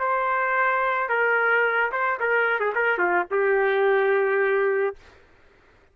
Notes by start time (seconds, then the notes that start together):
0.00 C5
1.09 A#4
1.92 C5
2.20 A#4
2.60 G#4
2.76 A#4
2.99 F4
3.32 G4